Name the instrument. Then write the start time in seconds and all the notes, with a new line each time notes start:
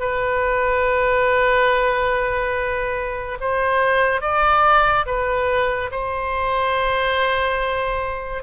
oboe
0.00 B4
3.41 C5
4.21 D5
5.06 B4
5.92 C5